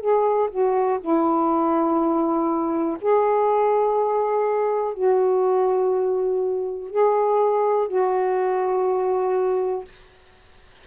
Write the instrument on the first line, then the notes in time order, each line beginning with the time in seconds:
saxophone
0.00 G#4
0.51 F#4
1.01 E4
3.01 G#4
4.94 F#4
6.90 G#4
7.88 F#4